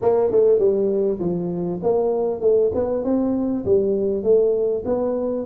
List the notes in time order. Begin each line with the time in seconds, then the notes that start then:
0.01 A#3
0.31 A3
0.58 G3
1.19 F3
1.82 A#3
2.40 A3
2.74 B3
3.04 C4
3.65 G3
4.23 A3
4.85 B3